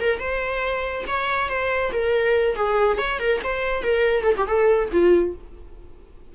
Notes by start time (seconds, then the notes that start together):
0.00 A#4
0.19 C5
1.07 C#5
1.49 C5
1.92 A#4
2.56 G#4
2.98 C#5
3.19 A#4
3.44 C5
3.83 A#4
4.23 A4
4.37 G4
4.47 A4
4.92 F4